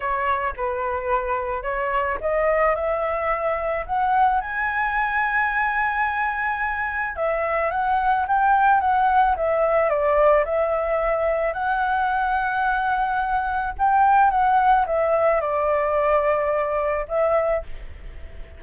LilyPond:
\new Staff \with { instrumentName = "flute" } { \time 4/4 \tempo 4 = 109 cis''4 b'2 cis''4 | dis''4 e''2 fis''4 | gis''1~ | gis''4 e''4 fis''4 g''4 |
fis''4 e''4 d''4 e''4~ | e''4 fis''2.~ | fis''4 g''4 fis''4 e''4 | d''2. e''4 | }